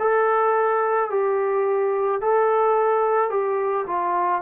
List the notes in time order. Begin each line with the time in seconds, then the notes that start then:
0.00 A4
1.11 G4
2.22 A4
3.31 G4
3.87 F4